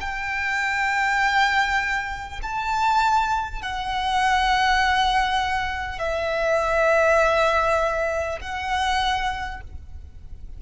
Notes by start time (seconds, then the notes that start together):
0.00 G5
2.42 A5
3.62 F#5
5.98 E5
8.41 F#5